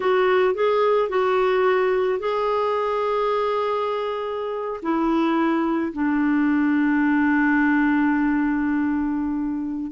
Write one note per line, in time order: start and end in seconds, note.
0.00 0.54 F#4
0.54 1.09 G#4
1.09 2.19 F#4
2.19 4.80 G#4
4.82 5.92 E4
5.92 9.91 D4